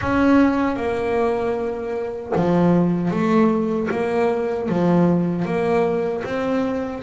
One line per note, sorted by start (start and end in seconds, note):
0.01 0.76 C#4
0.76 2.32 A#3
2.35 3.10 F3
3.10 3.88 A3
3.90 4.68 A#3
4.69 5.45 F3
5.45 6.23 A#3
6.24 7.02 C4